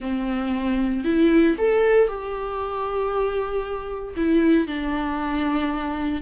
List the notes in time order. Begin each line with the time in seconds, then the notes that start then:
0.00 C4
1.04 E4
1.58 A4
2.07 G4
4.16 E4
4.67 D4